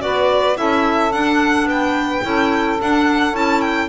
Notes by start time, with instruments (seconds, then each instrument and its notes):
0.00 double bass B3, clarinet F#4, saxophone B4, violin D5
0.56 double bass C#4, clarinet E4, saxophone A4, violin E5
1.13 double bass D4, clarinet D4, violin F#5
1.65 double bass B3, saxophone B4, violin G5
2.23 double bass C#4, clarinet E4, saxophone A4
2.82 double bass D4, clarinet D4, violin F#5
3.33 double bass C#4, clarinet E4, violin A5
3.61 violin G5